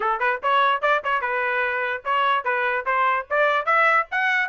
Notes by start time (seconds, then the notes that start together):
0.00 A4
0.19 B4
0.42 C#5
0.81 D5
1.04 C#5
1.21 B4
2.04 C#5
2.44 B4
2.85 C5
3.30 D5
3.65 E5
4.11 F#5